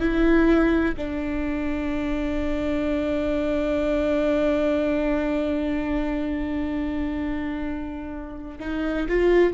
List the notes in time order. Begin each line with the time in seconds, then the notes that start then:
0.00 E4
0.97 D4
8.60 D#4
9.09 F4